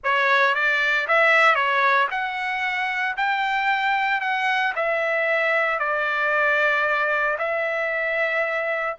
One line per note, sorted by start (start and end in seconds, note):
0.03 0.54 C#5
0.54 1.07 D5
1.07 1.55 E5
1.55 2.07 C#5
2.11 3.16 F#5
3.16 4.20 G5
4.20 4.73 F#5
4.75 5.79 E5
5.79 7.37 D5
7.38 8.96 E5